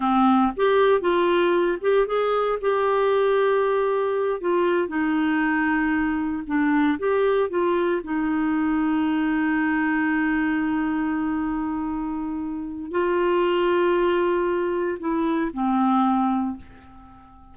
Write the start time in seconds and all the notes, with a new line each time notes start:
0.00 C4
0.56 G4
1.01 F4
1.81 G4
2.07 G#4
2.61 G4
4.40 F4
4.88 D#4
6.46 D4
6.99 G4
7.49 F4
8.03 D#4
12.91 F4
14.99 E4
15.53 C4